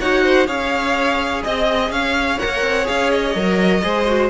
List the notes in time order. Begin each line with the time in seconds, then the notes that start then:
0.00 D#4 F#4 C#5 F#5
0.24 C5
0.47 C#4 G#4 C#5 F5
1.43 C4 D#5
1.90 C#4 C#5 F5
2.39 A#3 A#4 F#5
2.62 C4
2.83 G#4 F5
2.89 C#4
3.11 D#5
3.35 F#3 A#4
3.83 G#3 G#4 C5
4.07 F#4